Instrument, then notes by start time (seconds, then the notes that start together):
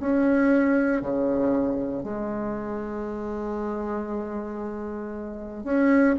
bassoon
0.00 C#4
1.02 C#3
2.03 G#3
5.64 C#4